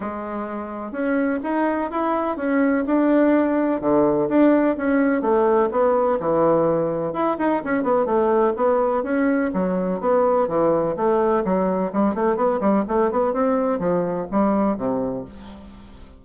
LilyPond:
\new Staff \with { instrumentName = "bassoon" } { \time 4/4 \tempo 4 = 126 gis2 cis'4 dis'4 | e'4 cis'4 d'2 | d4 d'4 cis'4 a4 | b4 e2 e'8 dis'8 |
cis'8 b8 a4 b4 cis'4 | fis4 b4 e4 a4 | fis4 g8 a8 b8 g8 a8 b8 | c'4 f4 g4 c4 | }